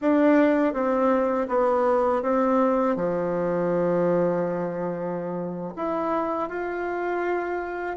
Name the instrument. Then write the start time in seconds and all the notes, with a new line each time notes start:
bassoon
0.01 D4
0.73 C4
1.48 B3
2.22 C4
2.96 F3
5.75 E4
6.48 F4